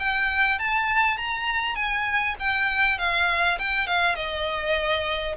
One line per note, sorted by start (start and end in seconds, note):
0.00 0.59 G5
0.59 1.18 A5
1.18 1.76 A#5
1.76 2.36 G#5
2.40 2.99 G5
2.99 3.59 F5
3.59 3.87 G5
3.87 4.16 F5
4.16 5.36 D#5